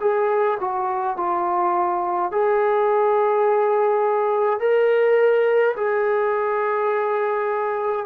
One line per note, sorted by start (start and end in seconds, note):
0.00 0.58 G#4
0.60 1.17 F#4
1.17 2.31 F4
2.31 4.59 G#4
4.59 5.75 A#4
5.76 8.06 G#4